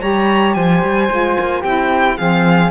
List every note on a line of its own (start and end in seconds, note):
0.00 0.56 G3
0.00 1.08 G4
0.00 0.56 C#5
0.00 0.54 A#5
0.54 0.83 F3
0.54 1.61 C5
0.54 1.62 G#5
0.83 1.10 G3
1.10 1.37 G#3
1.10 1.64 F4
1.40 1.64 A#3
1.61 2.18 C4
1.61 2.18 E4
1.61 2.15 G4
1.61 2.17 G5
2.17 2.71 F3
2.17 2.71 C4
2.17 2.71 G#4
2.17 2.71 F5